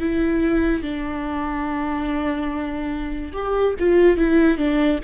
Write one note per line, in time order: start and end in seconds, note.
0.00 0.83 E4
0.83 3.33 D4
3.33 3.75 G4
3.79 4.17 F4
4.17 4.58 E4
4.58 4.99 D4